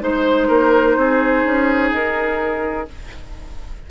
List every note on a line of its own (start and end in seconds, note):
0.00 0.49 G#3
0.00 2.86 D#4
0.00 0.48 C5
0.00 1.94 C5
0.48 0.97 A#3
0.48 0.96 A#4
0.97 1.45 C4
0.97 2.91 G#4
1.46 1.92 C#4
1.92 2.87 D#4
1.92 2.89 A#4